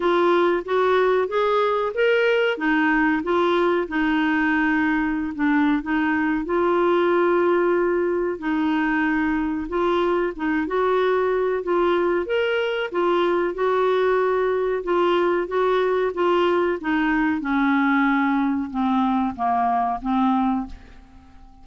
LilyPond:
\new Staff \with { instrumentName = "clarinet" } { \time 4/4 \tempo 4 = 93 f'4 fis'4 gis'4 ais'4 | dis'4 f'4 dis'2~ | dis'16 d'8. dis'4 f'2~ | f'4 dis'2 f'4 |
dis'8 fis'4. f'4 ais'4 | f'4 fis'2 f'4 | fis'4 f'4 dis'4 cis'4~ | cis'4 c'4 ais4 c'4 | }